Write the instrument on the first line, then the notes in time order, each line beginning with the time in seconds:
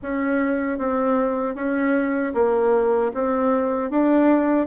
bassoon
0.02 C#4
0.78 C4
1.55 C#4
2.34 A#3
3.14 C4
3.90 D4